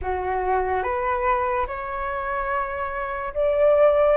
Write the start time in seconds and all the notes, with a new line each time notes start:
0.02 F#4
0.83 B4
1.67 C#5
3.34 D5